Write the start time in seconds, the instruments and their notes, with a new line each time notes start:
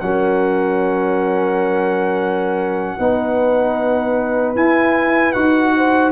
0.00 tuba F#3, trombone C#4, horn A#4, trumpet F#5
2.99 tuba B3, trombone D#4, horn B4
4.56 tuba E4, trombone E4, trumpet G#5
5.33 tuba D#4, trombone F#4, trumpet F#5
5.77 horn C5